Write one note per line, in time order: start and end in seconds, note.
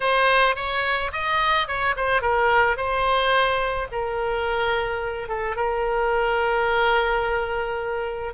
0.00 0.55 C5
0.55 1.11 C#5
1.12 1.67 D#5
1.67 1.95 C#5
1.96 2.21 C5
2.21 2.76 A#4
2.76 3.87 C5
3.91 5.28 A#4
5.28 5.56 A4
5.56 8.33 A#4